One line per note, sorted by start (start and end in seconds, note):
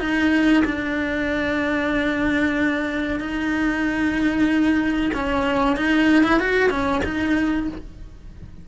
0.00 0.64 D#4
0.65 3.20 D4
3.20 5.12 D#4
5.14 5.77 C#4
5.77 6.24 D#4
6.24 6.40 E4
6.40 6.71 F#4
6.71 7.02 C#4
7.04 7.68 D#4